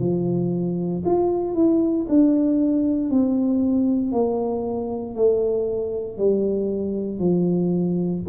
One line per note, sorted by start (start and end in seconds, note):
0.00 1.03 F3
1.06 1.55 F4
1.55 2.07 E4
2.09 3.11 D4
3.11 4.12 C4
4.12 5.15 A#3
5.15 6.18 A3
6.18 7.19 G3
7.19 8.23 F3